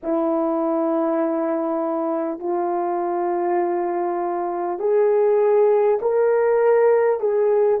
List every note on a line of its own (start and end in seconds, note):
0.02 2.39 E4
2.39 4.79 F4
4.79 5.99 G#4
6.01 7.19 A#4
7.19 7.79 G#4